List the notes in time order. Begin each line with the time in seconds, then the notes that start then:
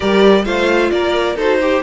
0.00 G3 G4 A#4 D5
0.44 A3 F4 C5 F5
0.90 A#3 A#4 D5
1.35 D#4 F#4 A4 C5
1.61 G4